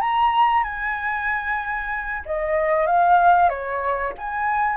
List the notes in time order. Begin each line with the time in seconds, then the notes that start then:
0.00 A#5
0.64 G#5
2.26 D#5
2.86 F5
3.49 C#5
4.18 G#5